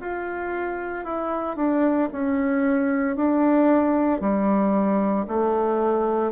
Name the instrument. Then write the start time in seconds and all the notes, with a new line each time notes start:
bassoon
0.00 F4
1.04 E4
1.56 D4
2.12 C#4
3.16 D4
4.20 G3
5.27 A3